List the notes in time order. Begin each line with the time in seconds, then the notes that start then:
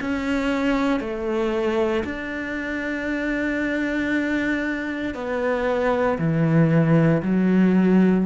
0.00 C#4
1.00 A3
2.04 D4
5.14 B3
6.18 E3
7.22 F#3